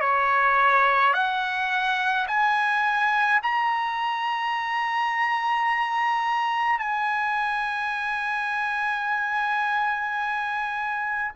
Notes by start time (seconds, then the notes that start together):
0.00 C#5
1.14 F#5
2.27 G#5
3.43 A#5
6.79 G#5